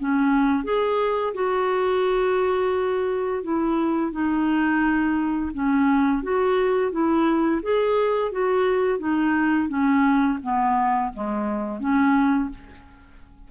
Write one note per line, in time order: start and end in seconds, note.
0.00 0.64 C#4
0.64 1.34 G#4
1.34 3.43 F#4
3.44 4.12 E4
4.12 5.52 D#4
5.54 6.23 C#4
6.23 6.92 F#4
6.92 7.62 E4
7.63 8.32 G#4
8.32 8.99 F#4
8.99 9.69 D#4
9.69 10.39 C#4
10.43 11.13 B3
11.13 11.80 G#3
11.80 12.50 C#4